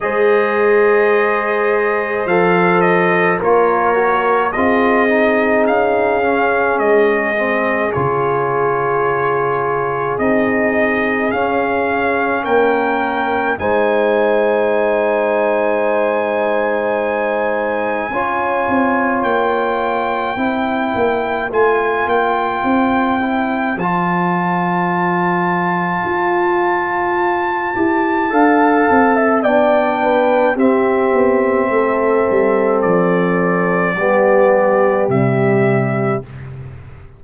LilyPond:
<<
  \new Staff \with { instrumentName = "trumpet" } { \time 4/4 \tempo 4 = 53 dis''2 f''8 dis''8 cis''4 | dis''4 f''4 dis''4 cis''4~ | cis''4 dis''4 f''4 g''4 | gis''1~ |
gis''4 g''2 gis''8 g''8~ | g''4 a''2.~ | a''2 g''4 e''4~ | e''4 d''2 e''4 | }
  \new Staff \with { instrumentName = "horn" } { \time 4/4 c''2. ais'4 | gis'1~ | gis'2. ais'4 | c''1 |
cis''2 c''2~ | c''1~ | c''4 f''8. e''16 d''8 b'8 g'4 | a'2 g'2 | }
  \new Staff \with { instrumentName = "trombone" } { \time 4/4 gis'2 a'4 f'8 fis'8 | f'8 dis'4 cis'4 c'8 f'4~ | f'4 dis'4 cis'2 | dis'1 |
f'2 e'4 f'4~ | f'8 e'8 f'2.~ | f'8 g'8 a'4 d'4 c'4~ | c'2 b4 g4 | }
  \new Staff \with { instrumentName = "tuba" } { \time 4/4 gis2 f4 ais4 | c'4 cis'4 gis4 cis4~ | cis4 c'4 cis'4 ais4 | gis1 |
cis'8 c'8 ais4 c'8 ais8 a8 ais8 | c'4 f2 f'4~ | f'8 e'8 d'8 c'8 b4 c'8 b8 | a8 g8 f4 g4 c4 | }
>>